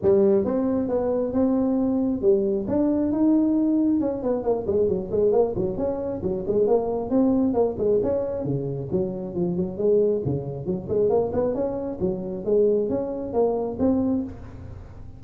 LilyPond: \new Staff \with { instrumentName = "tuba" } { \time 4/4 \tempo 4 = 135 g4 c'4 b4 c'4~ | c'4 g4 d'4 dis'4~ | dis'4 cis'8 b8 ais8 gis8 fis8 gis8 | ais8 fis8 cis'4 fis8 gis8 ais4 |
c'4 ais8 gis8 cis'4 cis4 | fis4 f8 fis8 gis4 cis4 | fis8 gis8 ais8 b8 cis'4 fis4 | gis4 cis'4 ais4 c'4 | }